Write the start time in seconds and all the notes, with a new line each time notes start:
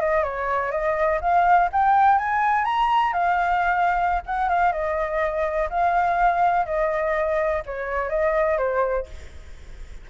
0.00 D#5
0.23 C#5
0.71 D#5
1.21 F5
1.72 G5
2.18 G#5
2.64 A#5
3.13 F5
4.26 F#5
4.49 F5
4.72 D#5
5.69 F5
6.66 D#5
7.65 C#5
8.09 D#5
8.58 C5